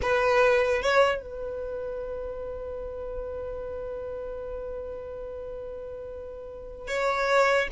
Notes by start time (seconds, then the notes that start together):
0.02 B4
0.81 C#5
1.21 B4
6.87 C#5